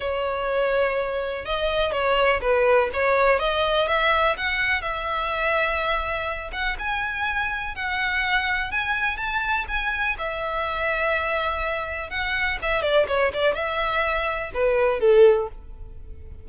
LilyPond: \new Staff \with { instrumentName = "violin" } { \time 4/4 \tempo 4 = 124 cis''2. dis''4 | cis''4 b'4 cis''4 dis''4 | e''4 fis''4 e''2~ | e''4. fis''8 gis''2 |
fis''2 gis''4 a''4 | gis''4 e''2.~ | e''4 fis''4 e''8 d''8 cis''8 d''8 | e''2 b'4 a'4 | }